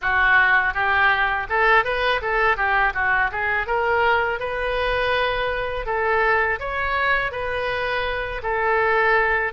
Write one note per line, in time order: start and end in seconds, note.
0.01 0.74 F#4
0.74 1.47 G4
1.49 1.84 A4
1.84 2.21 B4
2.22 2.56 A4
2.56 2.93 G4
2.94 3.30 F#4
3.31 3.66 G#4
3.66 4.39 A#4
4.39 5.85 B4
5.85 6.59 A4
6.59 7.31 C#5
7.31 8.41 B4
8.42 9.52 A4